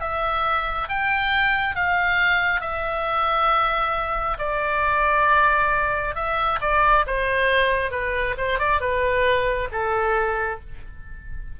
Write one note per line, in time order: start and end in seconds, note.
0.00 0.88 E5
0.89 1.75 G5
1.75 2.61 F5
2.61 4.37 E5
4.39 6.15 D5
6.15 6.59 E5
6.61 7.05 D5
7.06 7.91 C5
7.91 8.35 B4
8.37 8.59 C5
8.59 8.80 D5
8.80 9.69 B4
9.71 10.60 A4